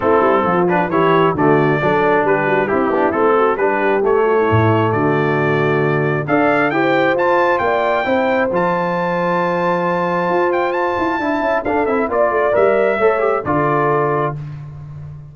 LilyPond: <<
  \new Staff \with { instrumentName = "trumpet" } { \time 4/4 \tempo 4 = 134 a'4. b'8 cis''4 d''4~ | d''4 b'4 g'4 a'4 | b'4 cis''2 d''4~ | d''2 f''4 g''4 |
a''4 g''2 a''4~ | a''2.~ a''8 g''8 | a''2 f''8 e''8 d''4 | e''2 d''2 | }
  \new Staff \with { instrumentName = "horn" } { \time 4/4 e'4 f'4 g'4 fis'4 | a'4 g'8 fis'8 e'4. fis'8 | g'4. fis'16 e'4~ e'16 fis'4~ | fis'2 d''4 c''4~ |
c''4 d''4 c''2~ | c''1~ | c''4 e''4 a'4 d''4~ | d''4 cis''4 a'2 | }
  \new Staff \with { instrumentName = "trombone" } { \time 4/4 c'4. d'8 e'4 a4 | d'2 e'8 d'8 c'4 | d'4 a2.~ | a2 a'4 g'4 |
f'2 e'4 f'4~ | f'1~ | f'4 e'4 d'8 e'8 f'4 | ais'4 a'8 g'8 f'2 | }
  \new Staff \with { instrumentName = "tuba" } { \time 4/4 a8 g8 f4 e4 d4 | fis4 g4 c'8 b8 a4 | g4 a4 a,4 d4~ | d2 d'4 e'4 |
f'4 ais4 c'4 f4~ | f2. f'4~ | f'8 e'8 d'8 cis'8 d'8 c'8 ais8 a8 | g4 a4 d2 | }
>>